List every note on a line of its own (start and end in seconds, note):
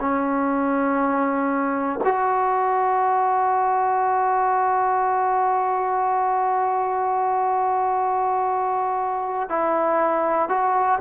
0.00 2.00 C#4
2.04 9.49 F#4
9.49 10.49 E4
10.49 10.99 F#4